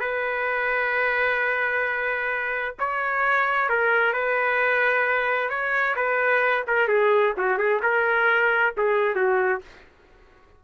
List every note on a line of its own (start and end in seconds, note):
0.00 2.75 B4
2.79 3.70 C#5
3.70 4.13 A#4
4.13 5.50 B4
5.50 5.95 C#5
5.96 6.65 B4
6.67 6.88 A#4
6.88 7.34 G#4
7.37 7.58 F#4
7.58 7.81 G#4
7.83 8.74 A#4
8.77 9.15 G#4
9.15 9.61 F#4